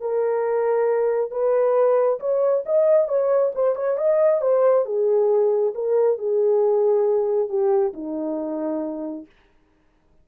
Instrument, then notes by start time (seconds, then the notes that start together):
horn
0.00 A#4
1.31 B4
2.20 C#5
2.65 D#5
3.08 C#5
3.55 C5
3.75 C#5
3.97 D#5
4.41 C5
4.85 G#4
5.75 A#4
6.18 G#4
7.49 G4
7.93 D#4